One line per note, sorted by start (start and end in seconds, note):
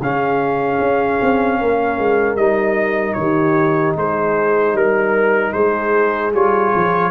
0.00 0.79 C#3
0.00 2.37 C#4
0.00 1.59 G#4
0.00 2.36 F5
0.79 1.19 C#4
1.21 1.60 C4
1.61 1.98 A#3
1.61 3.19 A#4
1.98 2.35 G#3
2.35 3.14 G3
2.35 6.32 D#4
2.35 3.13 D#5
3.13 3.95 D#3
3.13 3.97 G4
3.13 3.92 C#5
3.96 4.73 G#3
3.96 4.76 G#4
3.96 4.76 C5
4.73 5.52 G3
4.73 5.52 A#4
5.52 6.33 G#3
5.52 7.10 G#4
5.52 6.31 C5
6.33 6.72 G3
6.33 7.10 F4
6.33 7.10 C#5
6.75 7.10 F3